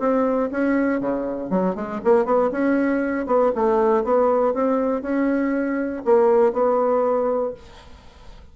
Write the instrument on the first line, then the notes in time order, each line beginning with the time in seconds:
bassoon
0.00 C4
0.52 C#4
1.01 C#3
1.50 F#3
1.76 G#3
2.05 A#3
2.26 B3
2.52 C#4
3.27 B3
3.56 A3
4.04 B3
4.55 C4
5.02 C#4
6.05 A#3
6.53 B3